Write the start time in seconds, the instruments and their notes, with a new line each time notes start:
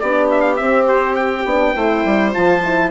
0.00 bassoon B3, horn D4, viola G4, trumpet D5
0.31 trumpet E5
0.41 trumpet F5
0.57 horn C4, bassoon C4, trumpet E5
0.88 trumpet C5
1.16 trumpet G5
1.46 bassoon B3, horn D4
1.75 bassoon A3, horn E4, viola C5
2.06 bassoon G3
2.33 bassoon F3, horn F4, trumpet A5
2.64 horn E4